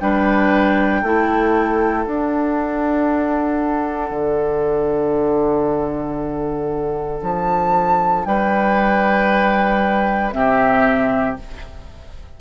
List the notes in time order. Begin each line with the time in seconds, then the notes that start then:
0.00 G3 D4 B4 G5
1.01 A3 E4 A4
2.05 D4 F#5
4.11 D3
7.22 F3 A5
8.25 G3 B4 G5
10.32 C3 C4 G4 E5